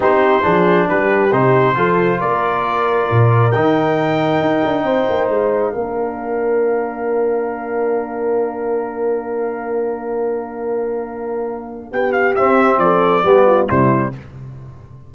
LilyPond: <<
  \new Staff \with { instrumentName = "trumpet" } { \time 4/4 \tempo 4 = 136 c''2 b'4 c''4~ | c''4 d''2. | g''1 | f''1~ |
f''1~ | f''1~ | f''2. g''8 f''8 | e''4 d''2 c''4 | }
  \new Staff \with { instrumentName = "horn" } { \time 4/4 g'4 gis'4 g'2 | a'4 ais'2.~ | ais'2. c''4~ | c''4 ais'2.~ |
ais'1~ | ais'1~ | ais'2. g'4~ | g'4 a'4 g'8 f'8 e'4 | }
  \new Staff \with { instrumentName = "trombone" } { \time 4/4 dis'4 d'2 dis'4 | f'1 | dis'1~ | dis'4 d'2.~ |
d'1~ | d'1~ | d'1 | c'2 b4 g4 | }
  \new Staff \with { instrumentName = "tuba" } { \time 4/4 c'4 f4 g4 c4 | f4 ais2 ais,4 | dis2 dis'8 d'8 c'8 ais8 | gis4 ais2.~ |
ais1~ | ais1~ | ais2. b4 | c'4 f4 g4 c4 | }
>>